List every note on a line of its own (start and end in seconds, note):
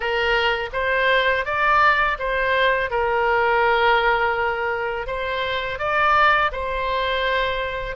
0.00 0.69 A#4
0.73 1.45 C5
1.45 2.17 D5
2.19 2.90 C5
2.90 5.06 A#4
5.06 5.78 C5
5.78 6.51 D5
6.52 7.96 C5